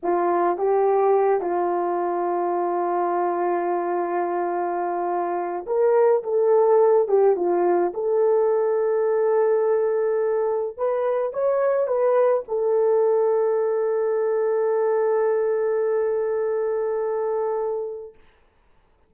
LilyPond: \new Staff \with { instrumentName = "horn" } { \time 4/4 \tempo 4 = 106 f'4 g'4. f'4.~ | f'1~ | f'2 ais'4 a'4~ | a'8 g'8 f'4 a'2~ |
a'2. b'4 | cis''4 b'4 a'2~ | a'1~ | a'1 | }